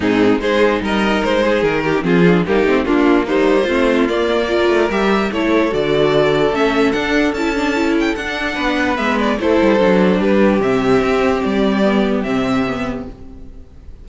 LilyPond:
<<
  \new Staff \with { instrumentName = "violin" } { \time 4/4 \tempo 4 = 147 gis'4 c''4 dis''4 c''4 | ais'4 gis'4 g'4 f'4 | c''2 d''2 | e''4 cis''4 d''2 |
e''4 fis''4 a''4. g''8 | fis''2 e''8 d''8 c''4~ | c''4 b'4 e''2 | d''2 e''2 | }
  \new Staff \with { instrumentName = "violin" } { \time 4/4 dis'4 gis'4 ais'4. gis'8~ | gis'8 g'8 f'4 ais8 c'8 d'4 | dis'4 f'2 ais'4~ | ais'4 a'2.~ |
a'1~ | a'4 b'2 a'4~ | a'4 g'2.~ | g'1 | }
  \new Staff \with { instrumentName = "viola" } { \time 4/4 c'4 dis'2.~ | dis'8. cis'16 c'8 d'8 dis'4 ais4 | g4 c'4 ais4 f'4 | g'4 e'4 fis'2 |
cis'4 d'4 e'8 d'8 e'4 | d'2 b4 e'4 | d'2 c'2~ | c'4 b4 c'4 b4 | }
  \new Staff \with { instrumentName = "cello" } { \time 4/4 gis,4 gis4 g4 gis4 | dis4 f4 g8 a8 ais4~ | ais4 a4 ais4. a8 | g4 a4 d2 |
a4 d'4 cis'2 | d'4 b4 gis4 a8 g8 | fis4 g4 c4 c'4 | g2 c2 | }
>>